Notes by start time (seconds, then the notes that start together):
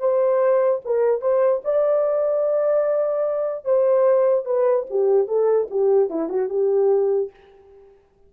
0.00 C5
0.85 A#4
1.22 C5
1.64 D5
3.65 C5
4.46 B4
4.90 G4
5.28 A4
5.71 G4
6.10 E4
6.29 F#4
6.50 G4